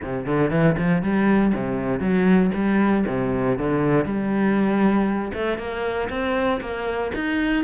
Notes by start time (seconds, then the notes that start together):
0.02 C3
0.25 D3
0.50 E3
0.78 F3
1.02 G3
1.54 C3
1.99 F#3
2.54 G3
3.07 C3
3.58 D3
4.05 G3
5.33 A3
5.58 A#3
6.09 C4
6.60 A#3
7.14 D#4